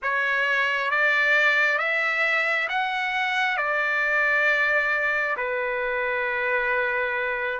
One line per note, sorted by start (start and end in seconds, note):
0.02 0.90 C#5
0.90 1.78 D5
1.78 2.68 E5
2.69 3.57 F#5
3.57 5.36 D5
5.36 7.59 B4